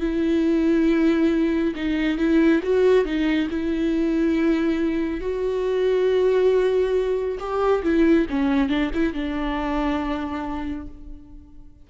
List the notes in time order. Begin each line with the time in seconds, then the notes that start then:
0.00 E4
1.75 D#4
2.17 E4
2.63 F#4
3.05 D#4
3.50 E4
5.21 F#4
7.39 G4
7.83 E4
8.30 C#4
8.69 D4
8.94 E4
9.13 D4